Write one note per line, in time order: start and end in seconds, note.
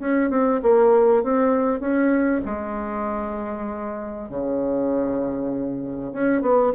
0.00 0.31 C#4
0.31 0.61 C4
0.63 1.24 A#3
1.24 1.81 C4
1.81 2.42 C#4
2.46 4.29 G#3
4.29 6.13 C#3
6.13 6.42 C#4
6.42 6.73 B3